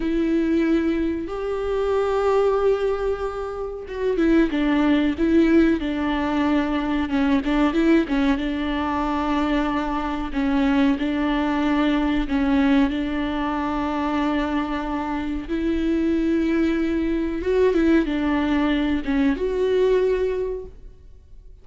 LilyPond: \new Staff \with { instrumentName = "viola" } { \time 4/4 \tempo 4 = 93 e'2 g'2~ | g'2 fis'8 e'8 d'4 | e'4 d'2 cis'8 d'8 | e'8 cis'8 d'2. |
cis'4 d'2 cis'4 | d'1 | e'2. fis'8 e'8 | d'4. cis'8 fis'2 | }